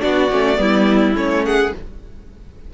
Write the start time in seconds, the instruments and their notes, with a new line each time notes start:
0.00 cello B3, viola D4, violin F#4 D5
0.31 cello A3, viola C#4
0.56 cello G3, viola B3, violin E4
1.15 cello A3, viola C#4, violin C#5
1.45 violin G#4 F#5